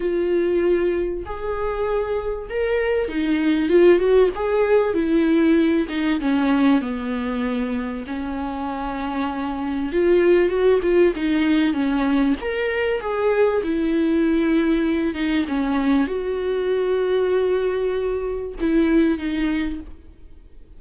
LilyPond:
\new Staff \with { instrumentName = "viola" } { \time 4/4 \tempo 4 = 97 f'2 gis'2 | ais'4 dis'4 f'8 fis'8 gis'4 | e'4. dis'8 cis'4 b4~ | b4 cis'2. |
f'4 fis'8 f'8 dis'4 cis'4 | ais'4 gis'4 e'2~ | e'8 dis'8 cis'4 fis'2~ | fis'2 e'4 dis'4 | }